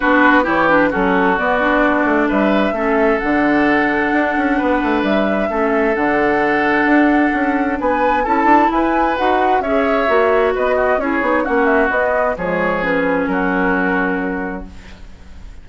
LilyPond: <<
  \new Staff \with { instrumentName = "flute" } { \time 4/4 \tempo 4 = 131 b'4 cis''8 b'8 a'4 d''4~ | d''4 e''2 fis''4~ | fis''2. e''4~ | e''4 fis''2.~ |
fis''4 gis''4 a''4 gis''4 | fis''4 e''2 dis''4 | cis''4 fis''8 e''8 dis''4 cis''4 | b'4 ais'2. | }
  \new Staff \with { instrumentName = "oboe" } { \time 4/4 fis'4 g'4 fis'2~ | fis'4 b'4 a'2~ | a'2 b'2 | a'1~ |
a'4 b'4 a'4 b'4~ | b'4 cis''2 b'8 fis'8 | gis'4 fis'2 gis'4~ | gis'4 fis'2. | }
  \new Staff \with { instrumentName = "clarinet" } { \time 4/4 d'4 e'8 d'8 cis'4 b8 d'8~ | d'2 cis'4 d'4~ | d'1 | cis'4 d'2.~ |
d'2 e'2 | fis'4 gis'4 fis'2 | e'8 dis'8 cis'4 b4 gis4 | cis'1 | }
  \new Staff \with { instrumentName = "bassoon" } { \time 4/4 b4 e4 fis4 b4~ | b8 a8 g4 a4 d4~ | d4 d'8 cis'8 b8 a8 g4 | a4 d2 d'4 |
cis'4 b4 cis'8 d'8 e'4 | dis'4 cis'4 ais4 b4 | cis'8 b8 ais4 b4 f4~ | f4 fis2. | }
>>